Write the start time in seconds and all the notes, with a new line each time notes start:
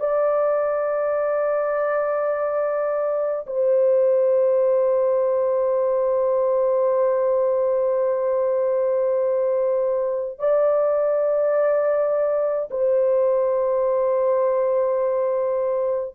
0.00 D5
3.47 C5
10.39 D5
12.71 C5